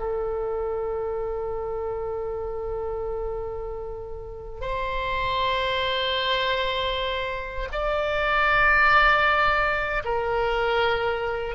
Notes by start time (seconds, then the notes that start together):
0.00 A4
4.61 C5
7.73 D5
10.05 A#4